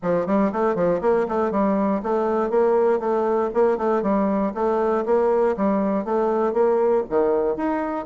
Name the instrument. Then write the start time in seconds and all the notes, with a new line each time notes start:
bassoon
0.02 F3
0.26 G3
0.52 A3
0.75 F3
1.01 A#3
1.28 A3
1.51 G3
2.02 A3
2.50 A#3
2.99 A3
3.54 A#3
3.77 A3
4.02 G3
4.54 A3
5.05 A#3
5.56 G3
6.05 A3
6.53 A#3
7.09 D#3
7.56 D#4